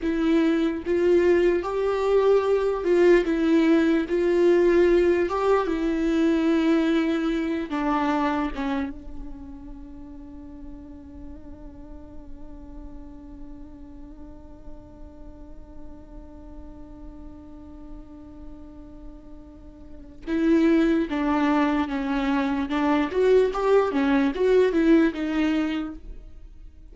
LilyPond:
\new Staff \with { instrumentName = "viola" } { \time 4/4 \tempo 4 = 74 e'4 f'4 g'4. f'8 | e'4 f'4. g'8 e'4~ | e'4. d'4 cis'8 d'4~ | d'1~ |
d'1~ | d'1~ | d'4 e'4 d'4 cis'4 | d'8 fis'8 g'8 cis'8 fis'8 e'8 dis'4 | }